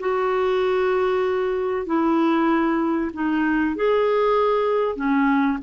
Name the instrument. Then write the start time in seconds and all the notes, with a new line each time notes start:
clarinet
0.00 F#4
1.86 E4
3.13 D#4
3.76 G#4
4.96 C#4